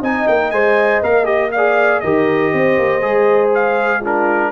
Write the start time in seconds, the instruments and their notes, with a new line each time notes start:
0.00 tuba C4, trombone D#4, horn D#5, trumpet G#5
0.28 tuba A#3, trumpet G5
0.51 tuba G#3, trombone C5, trumpet G#5
1.03 tuba A#3, trombone A#4, trumpet F5
1.25 trombone G4, trumpet D#5
1.52 trombone G#4, horn D5, trumpet F5
2.00 tuba D#3, trombone G4, horn A#4, trumpet D#5
2.54 tuba C4, horn C5
2.79 tuba A#3
3.01 tuba G#3, trombone G#4
3.55 trumpet F5
4.01 trombone D4, horn F4, trumpet A#4